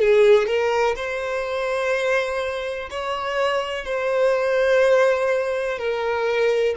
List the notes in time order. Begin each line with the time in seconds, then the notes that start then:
0.00 G#4
0.47 A#4
0.96 C5
2.90 C#5
3.85 C5
5.78 A#4